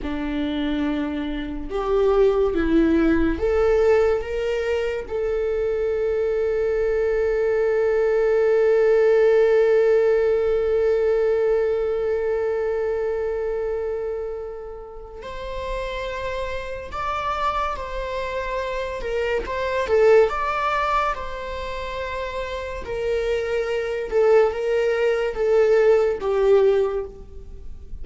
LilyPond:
\new Staff \with { instrumentName = "viola" } { \time 4/4 \tempo 4 = 71 d'2 g'4 e'4 | a'4 ais'4 a'2~ | a'1~ | a'1~ |
a'2 c''2 | d''4 c''4. ais'8 c''8 a'8 | d''4 c''2 ais'4~ | ais'8 a'8 ais'4 a'4 g'4 | }